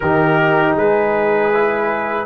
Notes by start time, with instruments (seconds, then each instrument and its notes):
0.00 tuba D#3, trombone D#4, horn G4, trumpet A#4
0.75 tuba G#3, horn G#4, trumpet B4
1.53 trombone E4